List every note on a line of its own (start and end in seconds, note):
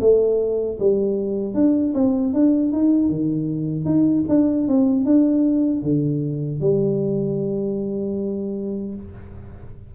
0.00 0.78 A3
0.79 1.54 G3
1.54 1.93 D4
1.94 2.33 C4
2.33 2.72 D4
2.72 3.09 D#4
3.09 3.85 D#3
3.85 4.24 D#4
4.29 4.68 D4
4.68 5.05 C4
5.05 5.83 D4
5.83 6.61 D3
6.61 8.94 G3